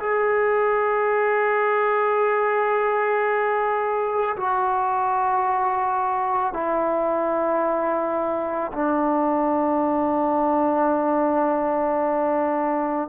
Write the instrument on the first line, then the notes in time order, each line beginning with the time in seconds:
trombone
0.00 G#4
4.37 F#4
6.54 E4
8.73 D4